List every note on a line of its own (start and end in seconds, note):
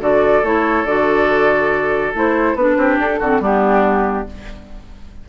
0.00 0.42 D3
0.00 0.43 F#4
0.00 2.77 A4
0.00 0.45 D5
0.42 0.85 A3
0.42 0.86 E4
0.42 0.85 C#5
0.85 2.12 D3
0.85 2.14 F#4
0.85 2.13 D5
2.14 2.55 A3
2.14 2.56 E4
2.14 2.55 C5
2.55 2.76 B3
2.55 3.22 D4
2.55 2.98 B4
2.77 2.98 C4
2.77 3.19 G4
2.98 3.19 D4
2.98 3.43 A4
3.19 3.40 D3
3.19 3.41 C4
3.19 3.41 F#4
3.40 4.25 G3
3.40 4.26 B3
3.40 4.27 D4
3.40 4.29 G4